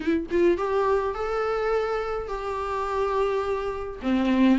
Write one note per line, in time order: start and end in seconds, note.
0.00 0.26 E4
0.30 0.57 F4
0.57 1.14 G4
1.14 2.28 A4
2.28 3.99 G4
4.02 4.58 C4